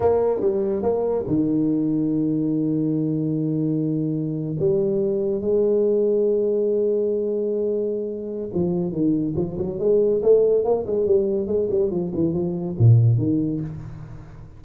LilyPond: \new Staff \with { instrumentName = "tuba" } { \time 4/4 \tempo 4 = 141 ais4 g4 ais4 dis4~ | dis1~ | dis2~ dis8. g4~ g16~ | g8. gis2.~ gis16~ |
gis1 | f4 dis4 f8 fis8 gis4 | a4 ais8 gis8 g4 gis8 g8 | f8 e8 f4 ais,4 dis4 | }